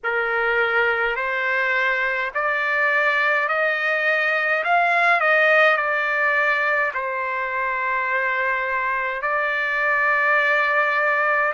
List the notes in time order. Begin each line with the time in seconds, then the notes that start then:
0.03 A#4
1.15 C5
2.34 D5
3.48 D#5
4.64 F5
5.20 D#5
5.76 D5
6.94 C5
9.22 D5